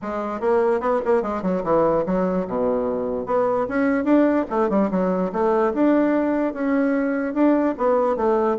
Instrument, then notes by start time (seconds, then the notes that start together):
bassoon
0.01 G#3
0.40 A#3
0.80 B3
1.05 A#3
1.22 G#3
1.42 F#3
1.63 E3
2.06 F#3
2.47 B2
3.26 B3
3.68 C#4
4.04 D4
4.50 A3
4.69 G3
4.90 F#3
5.32 A3
5.73 D4
6.53 C#4
7.34 D4
7.77 B3
8.16 A3